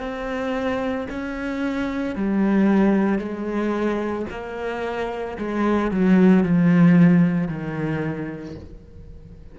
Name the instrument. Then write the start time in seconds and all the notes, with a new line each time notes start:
cello
0.00 C4
1.10 C#4
2.15 G3
3.19 G#3
4.30 A#3
5.38 G#3
5.91 F#3
6.43 F3
7.48 D#3